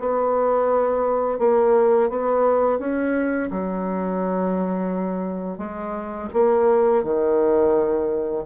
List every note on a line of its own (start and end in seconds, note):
0.00 1.39 B3
1.39 2.10 A#3
2.10 2.79 B3
2.79 3.50 C#4
3.51 5.59 F#3
5.59 6.29 G#3
6.33 7.04 A#3
7.04 8.45 D#3